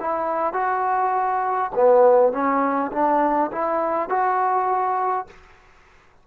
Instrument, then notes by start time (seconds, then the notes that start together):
trombone
0.00 E4
0.53 F#4
1.74 B3
2.32 C#4
2.91 D4
3.51 E4
4.09 F#4